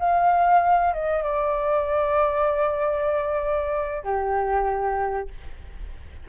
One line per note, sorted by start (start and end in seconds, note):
0.00 0.94 F5
0.94 1.24 D#5
1.24 4.04 D5
4.04 5.29 G4